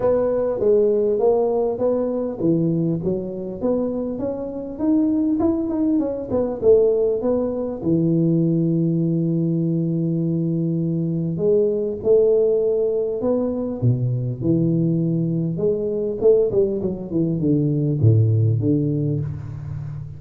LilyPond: \new Staff \with { instrumentName = "tuba" } { \time 4/4 \tempo 4 = 100 b4 gis4 ais4 b4 | e4 fis4 b4 cis'4 | dis'4 e'8 dis'8 cis'8 b8 a4 | b4 e2.~ |
e2. gis4 | a2 b4 b,4 | e2 gis4 a8 g8 | fis8 e8 d4 a,4 d4 | }